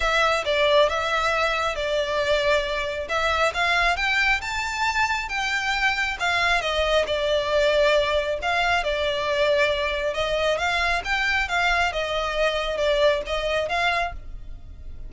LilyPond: \new Staff \with { instrumentName = "violin" } { \time 4/4 \tempo 4 = 136 e''4 d''4 e''2 | d''2. e''4 | f''4 g''4 a''2 | g''2 f''4 dis''4 |
d''2. f''4 | d''2. dis''4 | f''4 g''4 f''4 dis''4~ | dis''4 d''4 dis''4 f''4 | }